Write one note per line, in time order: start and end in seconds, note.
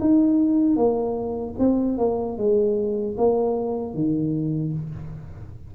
0.00 0.76 D#4
0.76 1.55 A#3
1.58 1.98 C4
1.98 2.37 A#3
2.37 3.16 G#3
3.17 3.94 A#3
3.94 4.73 D#3